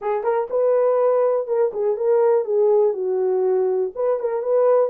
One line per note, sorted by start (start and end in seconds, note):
0.01 0.23 G#4
0.23 0.48 A#4
0.50 1.47 B4
1.47 1.71 A#4
1.73 1.96 G#4
1.96 2.44 A#4
2.44 2.93 G#4
2.93 3.91 F#4
3.95 4.19 B4
4.19 4.42 A#4
4.42 4.90 B4